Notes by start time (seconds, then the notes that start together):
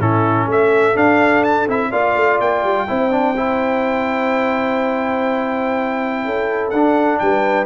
0.00 A2 C#4 E4 A4
0.47 A3 A4 E5
0.95 D4 F5
1.44 A5
1.68 C4 E4 E5
1.91 A#3 F4 D5 F5
2.16 A3
2.40 A#3 G5
2.64 G3
2.88 C4 E4 C5
3.11 D4
3.37 E4
6.25 C#4 A4
6.70 D4 F#5
7.19 G3 B4 G5